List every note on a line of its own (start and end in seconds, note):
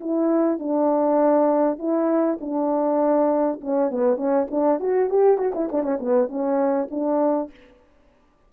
0.00 0.59 E4
0.59 1.78 D4
1.78 2.38 E4
2.41 3.61 D4
3.61 3.91 C#4
3.91 4.16 B3
4.16 4.46 C#4
4.50 4.79 D4
4.79 5.09 F#4
5.09 5.38 G4
5.38 5.53 F#4
5.54 5.69 E4
5.71 5.83 D4
5.83 5.98 C#4
6.00 6.28 B3
6.28 6.88 C#4
6.91 7.51 D4